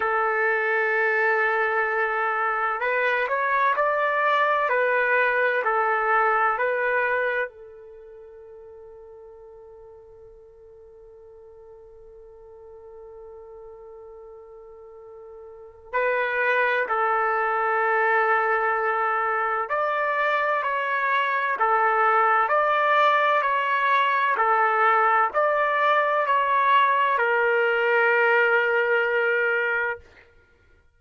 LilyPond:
\new Staff \with { instrumentName = "trumpet" } { \time 4/4 \tempo 4 = 64 a'2. b'8 cis''8 | d''4 b'4 a'4 b'4 | a'1~ | a'1~ |
a'4 b'4 a'2~ | a'4 d''4 cis''4 a'4 | d''4 cis''4 a'4 d''4 | cis''4 ais'2. | }